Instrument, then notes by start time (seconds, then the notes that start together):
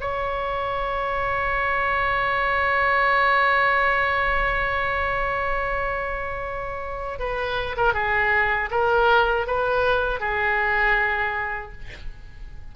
oboe
0.00 C#5
7.19 B4
7.76 A#4
7.93 G#4
8.70 A#4
9.47 B4
10.20 G#4